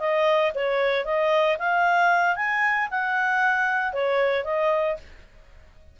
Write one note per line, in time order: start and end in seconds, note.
0.00 0.53 D#5
0.55 1.05 C#5
1.05 1.58 D#5
1.59 2.36 F5
2.36 2.89 G#5
2.91 3.93 F#5
3.93 4.45 C#5
4.45 4.97 D#5